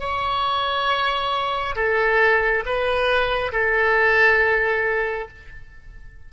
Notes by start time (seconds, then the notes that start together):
0.00 C#5
1.76 A4
2.66 B4
3.52 A4